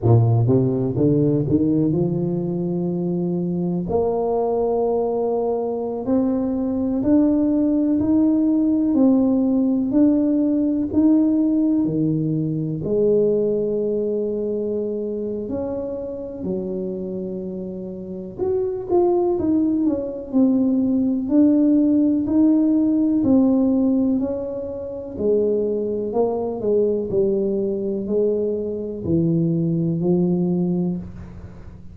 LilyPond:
\new Staff \with { instrumentName = "tuba" } { \time 4/4 \tempo 4 = 62 ais,8 c8 d8 dis8 f2 | ais2~ ais16 c'4 d'8.~ | d'16 dis'4 c'4 d'4 dis'8.~ | dis'16 dis4 gis2~ gis8. |
cis'4 fis2 fis'8 f'8 | dis'8 cis'8 c'4 d'4 dis'4 | c'4 cis'4 gis4 ais8 gis8 | g4 gis4 e4 f4 | }